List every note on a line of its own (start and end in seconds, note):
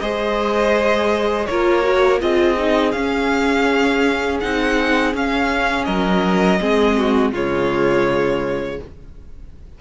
0.00 1.48 G#3
0.00 1.49 G#4
0.00 1.48 C5
0.00 1.46 D#5
1.46 2.22 A#3
1.46 1.83 F4
1.46 2.22 A#4
1.46 2.20 C#5
1.83 2.19 F#4
2.21 2.94 C4
2.21 2.57 F4
2.21 5.87 G#4
2.21 2.92 D#5
2.58 2.94 D#4
2.92 4.41 C#4
2.92 4.43 C#4
2.92 4.38 F5
4.41 5.14 C4
4.41 5.13 D#4
4.41 5.14 F#5
5.13 6.59 C#4
5.13 5.87 C#4
5.13 5.85 F5
5.85 6.61 F#3
5.85 6.60 A#4
5.85 7.31 D#5
6.61 7.33 G#3
6.61 7.34 C4
6.61 6.97 G#4
6.98 7.32 F#4
7.32 8.79 C#3
7.32 8.80 G#3
7.32 8.79 F4
7.32 8.81 C#5